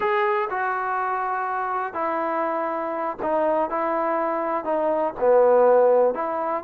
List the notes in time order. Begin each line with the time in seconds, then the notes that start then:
0.00 G#4
0.50 F#4
1.93 E4
3.22 D#4
3.70 E4
4.64 D#4
5.20 B3
6.14 E4